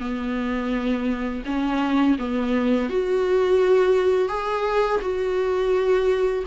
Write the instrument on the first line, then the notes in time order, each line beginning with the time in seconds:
viola
0.00 B3
1.46 C#4
2.19 B3
2.90 F#4
4.29 G#4
5.02 F#4